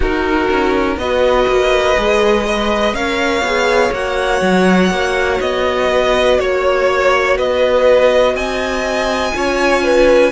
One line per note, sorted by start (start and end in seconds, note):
0.00 0.48 D#4
0.00 1.01 D#4
0.00 0.97 F#4
0.00 0.98 A#4
0.50 0.97 C#4
0.97 1.46 B3
0.97 1.96 F#4
0.97 2.46 B4
0.97 2.94 D#5
1.47 1.96 A#3
1.96 2.93 G#3
1.96 2.45 G#4
2.46 2.94 B4
2.46 2.95 D#5
2.93 3.41 C#4
2.93 3.44 A#4
2.93 5.91 C#5
2.93 3.93 F5
3.41 3.90 B3
3.41 3.94 G#4
3.92 4.41 A#3
3.92 9.33 F#4
3.92 5.40 F#5
4.41 4.90 F#3
4.90 5.39 A#3
5.40 6.39 B3
5.40 6.39 D#5
5.91 6.40 B4
6.39 7.38 A#3
6.39 7.37 C#5
7.37 8.34 B3
7.37 8.35 B4
7.37 8.36 D#5
8.34 9.33 C4
8.34 9.34 D#5
8.34 10.31 G#5
9.33 10.31 C#4
9.33 10.31 F4
9.33 9.83 C#5
9.83 10.31 B4